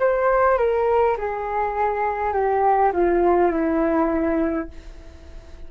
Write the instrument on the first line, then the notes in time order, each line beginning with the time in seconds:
flute
0.00 C5
0.58 A#4
1.18 G#4
2.34 G4
2.93 F4
3.52 E4